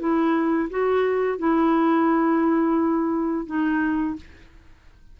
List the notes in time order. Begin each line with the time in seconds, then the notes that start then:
0.00 E4
0.70 F#4
1.39 E4
3.47 D#4